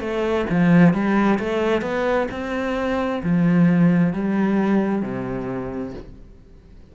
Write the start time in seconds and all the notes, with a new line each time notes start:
0.00 A3
0.50 F3
0.93 G3
1.39 A3
1.82 B3
2.31 C4
3.23 F3
4.13 G3
5.02 C3